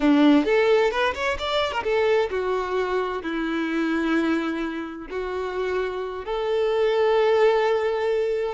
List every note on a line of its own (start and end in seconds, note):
0.00 0.44 D4
0.44 0.91 A4
0.91 1.14 B4
1.14 1.37 C#5
1.38 1.71 D5
1.71 1.83 A#4
1.83 2.29 A4
2.30 3.22 F#4
3.23 5.07 E4
5.10 6.25 F#4
6.25 8.54 A4